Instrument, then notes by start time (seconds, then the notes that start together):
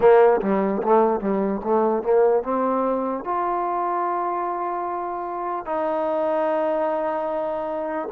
trombone
0.00 A#3
0.41 G3
0.82 A3
1.20 G3
1.63 A3
2.03 A#3
2.43 C4
3.24 F4
5.65 D#4